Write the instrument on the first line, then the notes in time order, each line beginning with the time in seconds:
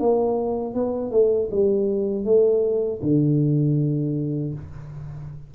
tuba
0.00 A#3
0.75 B3
1.12 A3
1.52 G3
2.25 A3
3.03 D3